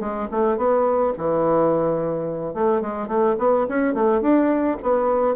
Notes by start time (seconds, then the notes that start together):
0.00 G#3
0.31 A3
0.57 B3
1.18 E3
2.54 A3
2.81 G#3
3.08 A3
3.38 B3
3.69 C#4
3.94 A3
4.21 D4
4.82 B3